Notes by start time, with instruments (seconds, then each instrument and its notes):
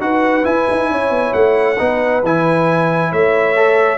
0.00 tuba D#4, trombone F#4, horn B4, trumpet F#5
0.43 trombone E4, tuba E4, trumpet G#5
0.71 tuba D#4
0.90 tuba C#4, horn C#5
1.10 tuba B3
1.33 tuba A3, trumpet F#5
1.79 tuba B3, trombone D#4, horn B4
2.23 tuba E3, trombone E4, trumpet G#5
3.11 tuba A3, horn C#5, trumpet E5
3.56 trombone A4